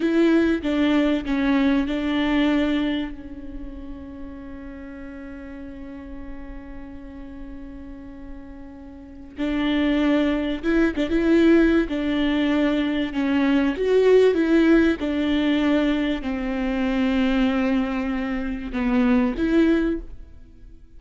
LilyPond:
\new Staff \with { instrumentName = "viola" } { \time 4/4 \tempo 4 = 96 e'4 d'4 cis'4 d'4~ | d'4 cis'2.~ | cis'1~ | cis'2. d'4~ |
d'4 e'8 d'16 e'4~ e'16 d'4~ | d'4 cis'4 fis'4 e'4 | d'2 c'2~ | c'2 b4 e'4 | }